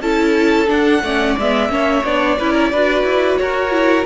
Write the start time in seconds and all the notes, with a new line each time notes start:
0.00 C#4 E4 A4 A5
0.67 D4 F#5
1.02 A3 C#4 D5
1.37 G#3 B3 E5
1.69 A#3 C#4 C#5
2.04 B3 D4 D5
2.38 C#4 E4 B4
2.52 A#4
2.72 D4 F#4 B4
3.03 E4
3.37 F#4 A#4 C#5
3.71 E4